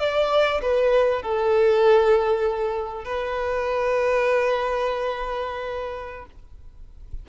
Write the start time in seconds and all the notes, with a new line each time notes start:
0.00 D5
0.62 B4
1.22 A4
3.05 B4